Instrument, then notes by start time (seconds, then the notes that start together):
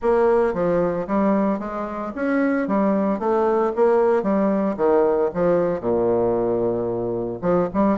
bassoon
0.01 A#3
0.53 F3
1.07 G3
1.59 G#3
2.15 C#4
2.67 G3
3.19 A3
3.75 A#3
4.22 G3
4.76 D#3
5.34 F3
5.80 A#2
7.41 F3
7.73 G3